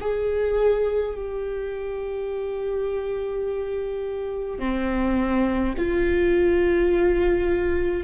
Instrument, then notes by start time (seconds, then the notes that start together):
viola
0.00 G#4
1.15 G4
4.59 C4
5.77 F4